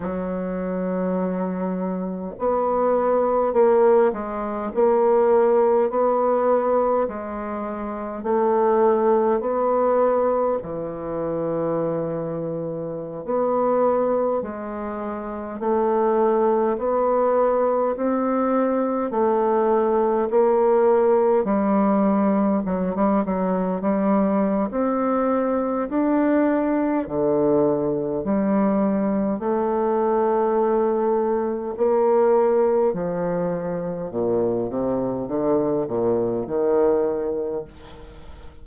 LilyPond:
\new Staff \with { instrumentName = "bassoon" } { \time 4/4 \tempo 4 = 51 fis2 b4 ais8 gis8 | ais4 b4 gis4 a4 | b4 e2~ e16 b8.~ | b16 gis4 a4 b4 c'8.~ |
c'16 a4 ais4 g4 fis16 g16 fis16~ | fis16 g8. c'4 d'4 d4 | g4 a2 ais4 | f4 ais,8 c8 d8 ais,8 dis4 | }